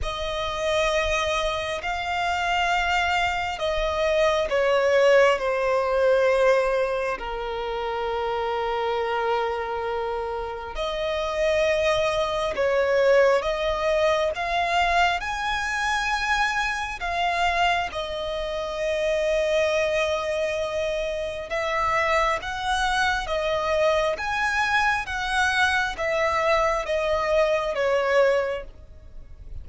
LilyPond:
\new Staff \with { instrumentName = "violin" } { \time 4/4 \tempo 4 = 67 dis''2 f''2 | dis''4 cis''4 c''2 | ais'1 | dis''2 cis''4 dis''4 |
f''4 gis''2 f''4 | dis''1 | e''4 fis''4 dis''4 gis''4 | fis''4 e''4 dis''4 cis''4 | }